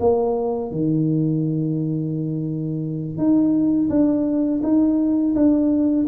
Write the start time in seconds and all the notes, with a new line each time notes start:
0.00 A#3
0.71 D#3
3.18 D#4
3.90 D4
4.63 D#4
5.35 D4